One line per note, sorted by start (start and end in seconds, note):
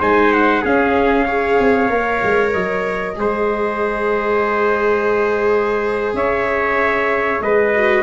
0.00 0.64 G#3
0.00 0.65 D#4
0.00 0.62 C5
0.00 0.33 G#5
0.33 0.65 F#5
0.62 1.60 C#4
0.62 1.29 C#4
0.62 1.25 G#4
0.62 2.53 F5
1.26 1.90 G#4
1.26 3.15 C#5
1.60 1.90 C4
1.90 2.22 A#3
1.90 3.16 A#4
2.24 2.55 G#3
2.53 3.17 F#3
2.53 6.16 D#5
3.16 6.14 G#3
3.16 7.74 G#4
3.16 6.17 C5
6.14 7.40 C#4
6.14 7.43 C#5
6.14 7.42 E5
7.41 8.04 G#3
7.41 8.04 B4
7.41 8.04 D#5
7.75 8.04 F#4